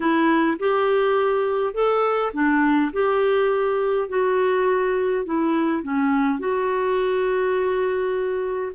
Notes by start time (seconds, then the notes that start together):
0.00 E4
0.59 G4
1.73 A4
2.33 D4
2.92 G4
4.08 F#4
5.25 E4
5.82 C#4
6.39 F#4